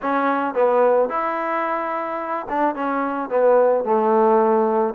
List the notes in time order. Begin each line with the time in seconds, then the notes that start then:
0.02 C#4
0.54 B3
1.09 E4
2.49 D4
2.75 C#4
3.29 B3
3.84 A3